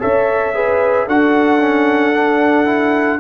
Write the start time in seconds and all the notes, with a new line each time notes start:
0.00 C#4 A4 C#5 E5
0.54 G#4 B4
1.06 D4 F#4 A4 F#5
1.60 C#4
2.13 D4
2.66 E4